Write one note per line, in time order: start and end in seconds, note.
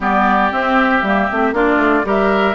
0.00 0.51 G3
0.00 0.51 B3
0.00 1.54 G4
0.00 0.52 D5
0.51 1.02 C4
0.51 1.54 E5
1.02 1.27 G3
1.02 1.30 A#3
1.31 1.52 A3
1.31 1.54 C4
1.52 1.76 A#3
1.52 2.04 D4
1.52 2.05 F4
1.52 2.06 D5
1.76 2.01 A3
2.04 2.54 G3
2.04 2.54 G4
2.04 2.54 A#4
2.04 2.54 E5